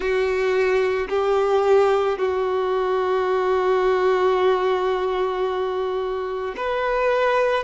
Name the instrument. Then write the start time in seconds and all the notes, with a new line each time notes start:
violin
0.00 F#4
1.09 G4
2.18 F#4
6.57 B4